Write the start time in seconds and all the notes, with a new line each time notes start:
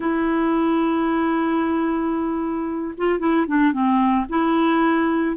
0.00 E4
2.97 F4
3.19 E4
3.47 D4
3.72 C4
4.29 E4